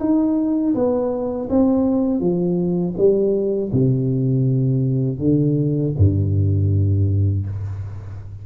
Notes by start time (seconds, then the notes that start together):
0.00 D#4
0.75 B3
1.49 C4
2.20 F3
2.97 G3
3.72 C3
5.19 D3
5.98 G2